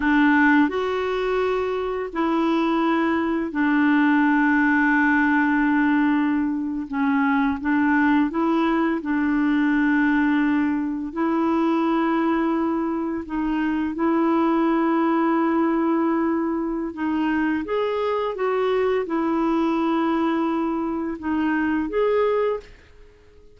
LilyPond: \new Staff \with { instrumentName = "clarinet" } { \time 4/4 \tempo 4 = 85 d'4 fis'2 e'4~ | e'4 d'2.~ | d'4.~ d'16 cis'4 d'4 e'16~ | e'8. d'2. e'16~ |
e'2~ e'8. dis'4 e'16~ | e'1 | dis'4 gis'4 fis'4 e'4~ | e'2 dis'4 gis'4 | }